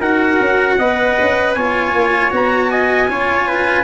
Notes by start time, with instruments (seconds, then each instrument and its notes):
0.00 tuba D#4, cello F#4, trumpet A#4 F#5
0.40 tuba C#4
0.79 tuba B3, cello B4, trumpet D#5
1.21 tuba C#4
1.54 tuba B3, cello F4, trumpet C#5 G#5
1.93 tuba A#3
2.31 tuba B3, cello F#4, trumpet A#5
2.71 trumpet D#5 G#5
3.08 tuba C#4, cello F4, trumpet C#5
3.48 trumpet B4